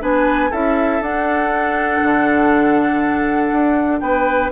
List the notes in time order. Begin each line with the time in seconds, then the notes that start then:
0.00 B3 D4 B4 G#5
0.50 C#4 E4 A4 E5
1.00 D4 F#5
2.02 D3
3.51 D4
4.00 B3 B4 G5